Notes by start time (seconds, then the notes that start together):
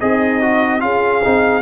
0.00 C4 D#4 G#4 D#5
0.41 F#4
0.80 C#4 F4 G#4 F5
1.23 C4 D#4